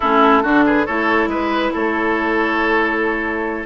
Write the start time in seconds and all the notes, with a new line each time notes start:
0.00 A3 C#4 E4 A4
0.42 D3 D4 F#4
0.65 G#4 B4
0.85 A3 E4 A4 C#5
1.27 G#3 B4
1.73 A3 A4 C#5